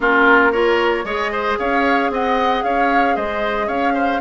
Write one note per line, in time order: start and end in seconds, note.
0.00 1.04 A#3
0.00 0.53 C#4
0.00 0.52 F4
0.00 0.52 A#4
0.52 1.05 F4
0.52 1.04 A#4
0.52 1.05 C#5
1.04 1.57 G#3
1.04 4.20 G#4
1.04 1.31 C#5
1.04 1.58 D#5
1.32 1.58 C5
1.58 2.09 C#4
1.58 2.11 C#5
1.58 2.11 F5
2.09 2.62 C4
2.09 2.64 D#5
2.09 2.63 F#5
2.63 3.16 C#4
2.63 3.15 C#5
2.63 3.15 F5
3.15 3.68 G#3
3.15 3.66 C5
3.15 3.68 D#5
3.66 4.20 C#4
3.66 3.93 C#5
3.66 4.20 F5
3.94 4.20 C5